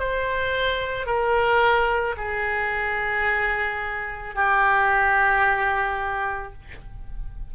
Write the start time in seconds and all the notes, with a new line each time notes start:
0.00 C5
1.07 A#4
2.17 G#4
4.35 G4